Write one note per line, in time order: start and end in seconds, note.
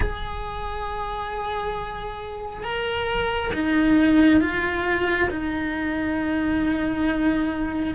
0.00 2.63 G#4
2.63 3.51 A#4
3.53 4.40 D#4
4.40 5.29 F4
5.30 7.94 D#4